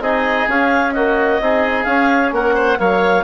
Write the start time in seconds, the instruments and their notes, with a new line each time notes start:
0.00 bassoon C4, trombone D#4, oboe G#4, clarinet D#5
0.47 bassoon C#4, trombone C#4, clarinet F5
0.92 trombone A#3, oboe F#4, clarinet D#5
1.40 bassoon C4, trombone D#4, oboe G#4
1.84 bassoon C#4, trombone C#4, clarinet F5
2.32 bassoon A#3, oboe A#4, clarinet F#5
2.55 oboe C5
2.77 bassoon F#3, trombone A#3, oboe C#5, clarinet F5